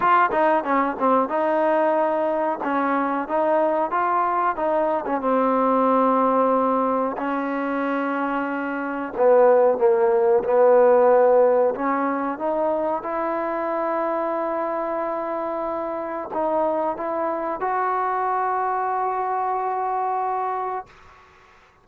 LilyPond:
\new Staff \with { instrumentName = "trombone" } { \time 4/4 \tempo 4 = 92 f'8 dis'8 cis'8 c'8 dis'2 | cis'4 dis'4 f'4 dis'8. cis'16 | c'2. cis'4~ | cis'2 b4 ais4 |
b2 cis'4 dis'4 | e'1~ | e'4 dis'4 e'4 fis'4~ | fis'1 | }